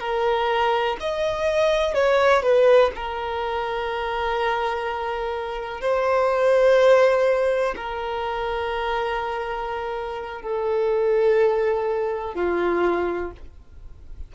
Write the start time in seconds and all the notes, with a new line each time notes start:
0.00 A#4
1.01 D#5
1.94 C#5
2.43 B4
2.96 A#4
5.82 C5
7.76 A#4
10.42 A4
12.35 F4